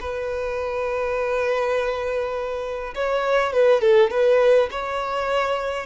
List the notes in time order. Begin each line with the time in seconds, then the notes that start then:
0.00 B4
2.95 C#5
3.53 B4
3.81 A4
4.11 B4
4.71 C#5